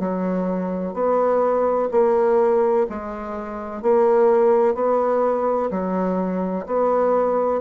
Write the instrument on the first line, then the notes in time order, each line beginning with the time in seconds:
bassoon
0.00 F#3
0.94 B3
1.92 A#3
2.90 G#3
3.83 A#3
4.75 B3
5.71 F#3
6.67 B3